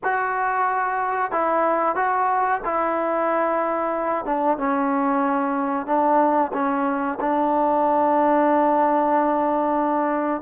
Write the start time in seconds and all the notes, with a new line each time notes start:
0.03 F#4
1.31 E4
1.95 F#4
2.64 E4
4.25 D4
4.57 C#4
5.86 D4
6.53 C#4
7.20 D4